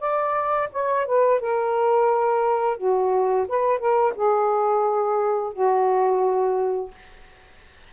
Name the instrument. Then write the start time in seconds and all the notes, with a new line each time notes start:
saxophone
0.00 D5
0.72 C#5
1.06 B4
1.40 A#4
2.77 F#4
3.48 B4
3.79 A#4
4.15 G#4
5.53 F#4